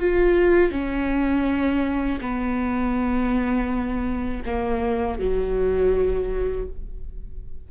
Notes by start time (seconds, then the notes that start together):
0.00 F4
0.71 C#4
2.21 B3
4.46 A#3
5.20 F#3